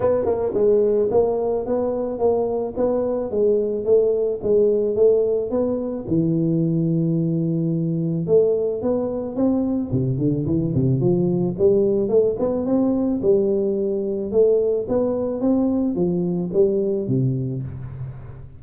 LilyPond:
\new Staff \with { instrumentName = "tuba" } { \time 4/4 \tempo 4 = 109 b8 ais8 gis4 ais4 b4 | ais4 b4 gis4 a4 | gis4 a4 b4 e4~ | e2. a4 |
b4 c'4 c8 d8 e8 c8 | f4 g4 a8 b8 c'4 | g2 a4 b4 | c'4 f4 g4 c4 | }